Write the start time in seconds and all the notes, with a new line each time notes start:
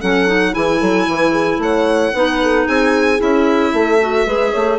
0.00 F#3 C#4 A4 F#5
0.27 D#4
0.53 E3 E4 G#4 G#5
0.80 F#3 A4
1.08 E3 B4
1.32 G#4
1.58 A3 C#5 F#5
2.14 B3 D#4 B4
2.42 A4
2.66 C4 G#4 G#5
3.18 C#4 E4 E5
3.73 A3 A4
4.00 F#4
4.26 G#3 G#4 B4
4.52 A3 C#5